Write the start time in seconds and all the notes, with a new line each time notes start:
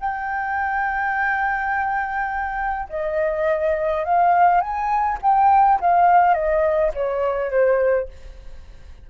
0.00 G5
2.90 D#5
4.05 F5
4.61 G#5
5.22 G5
5.81 F5
6.34 D#5
6.94 C#5
7.51 C5